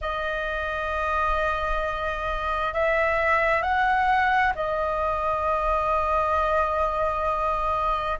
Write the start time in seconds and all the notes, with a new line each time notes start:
0.01 D#5
2.73 E5
3.62 F#5
4.55 D#5